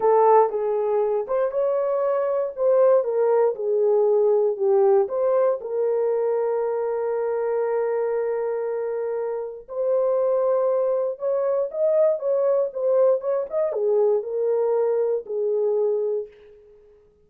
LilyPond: \new Staff \with { instrumentName = "horn" } { \time 4/4 \tempo 4 = 118 a'4 gis'4. c''8 cis''4~ | cis''4 c''4 ais'4 gis'4~ | gis'4 g'4 c''4 ais'4~ | ais'1~ |
ais'2. c''4~ | c''2 cis''4 dis''4 | cis''4 c''4 cis''8 dis''8 gis'4 | ais'2 gis'2 | }